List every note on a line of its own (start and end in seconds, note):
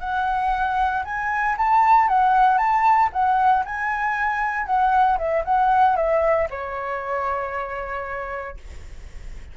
0.00 1.03 F#5
1.05 1.56 G#5
1.58 2.08 A5
2.08 2.58 F#5
2.58 3.10 A5
3.12 3.64 F#5
3.65 4.66 G#5
4.66 5.18 F#5
5.18 5.44 E5
5.45 5.96 F#5
5.96 6.48 E5
6.50 8.57 C#5